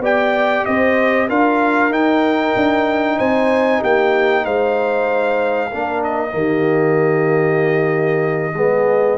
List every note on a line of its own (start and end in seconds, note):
0.00 0.63 B3
0.00 1.29 G4
0.00 0.66 D5
0.00 0.66 G5
0.66 1.30 C4
0.66 1.29 C5
0.66 1.29 D#5
1.29 1.91 D4
1.29 1.92 F4
1.29 3.18 A#4
1.29 1.93 F5
1.91 2.54 D#4
1.91 5.71 D#4
1.91 3.19 G5
2.57 3.20 D4
3.18 3.83 C4
3.18 3.80 C5
3.18 3.82 G#5
3.80 4.46 A#3
3.80 4.43 G4
3.80 4.46 G5
4.44 5.72 G#3
4.44 5.70 C5
4.44 6.04 F5
5.71 6.34 A#3
5.71 6.31 D4
5.71 6.34 A#4
6.04 9.18 D#5
6.31 8.55 D#3
6.31 8.52 A#3
6.37 8.56 G4
8.55 9.18 G#3
8.55 9.18 B3
8.55 9.18 G#4